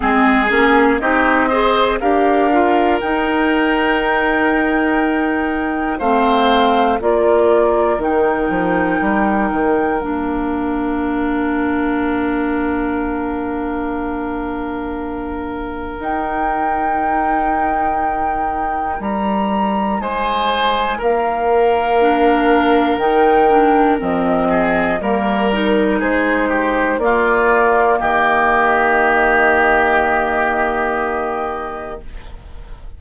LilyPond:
<<
  \new Staff \with { instrumentName = "flute" } { \time 4/4 \tempo 4 = 60 gis'4 dis''4 f''4 g''4~ | g''2 f''4 d''4 | g''2 f''2~ | f''1 |
g''2. ais''4 | gis''4 f''2 g''4 | dis''4 ais'4 c''4 d''4 | dis''1 | }
  \new Staff \with { instrumentName = "oboe" } { \time 4/4 gis'4 g'8 c''8 ais'2~ | ais'2 c''4 ais'4~ | ais'1~ | ais'1~ |
ais'1 | c''4 ais'2.~ | ais'8 gis'8 ais'4 gis'8 g'8 f'4 | g'1 | }
  \new Staff \with { instrumentName = "clarinet" } { \time 4/4 c'8 cis'8 dis'8 gis'8 g'8 f'8 dis'4~ | dis'2 c'4 f'4 | dis'2 d'2~ | d'1 |
dis'1~ | dis'2 d'4 dis'8 d'8 | c'4 ais8 dis'4. ais4~ | ais1 | }
  \new Staff \with { instrumentName = "bassoon" } { \time 4/4 gis8 ais8 c'4 d'4 dis'4~ | dis'2 a4 ais4 | dis8 f8 g8 dis8 ais2~ | ais1 |
dis'2. g4 | gis4 ais2 dis4 | f4 g4 gis4 ais4 | dis1 | }
>>